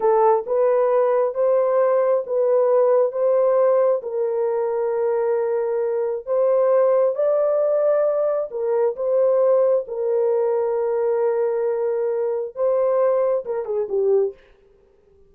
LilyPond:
\new Staff \with { instrumentName = "horn" } { \time 4/4 \tempo 4 = 134 a'4 b'2 c''4~ | c''4 b'2 c''4~ | c''4 ais'2.~ | ais'2 c''2 |
d''2. ais'4 | c''2 ais'2~ | ais'1 | c''2 ais'8 gis'8 g'4 | }